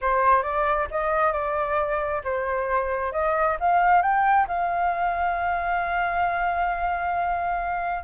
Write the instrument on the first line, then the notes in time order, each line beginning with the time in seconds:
flute
0.01 C5
0.43 D5
0.90 D#5
1.32 D5
2.24 C5
3.12 D#5
3.60 F5
4.02 G5
4.47 F5